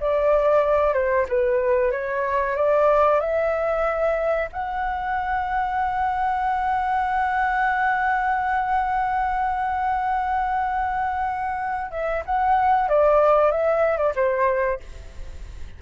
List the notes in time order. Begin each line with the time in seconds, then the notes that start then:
0.00 D5
0.94 C5
1.28 B4
1.91 C#5
2.56 D5
3.20 E5
4.52 F#5
11.91 E5
12.26 F#5
12.88 D5
13.51 E5
13.97 D5
14.15 C5